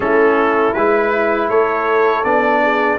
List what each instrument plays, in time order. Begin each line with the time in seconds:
0.00 tuba A3, trombone C#4, horn E4, trumpet A4
0.73 tuba G#3, trombone E4, trumpet B4
1.49 tuba A3, horn A4, trumpet C#5
2.24 tuba B3, trombone D4, trumpet D5
2.62 horn G#4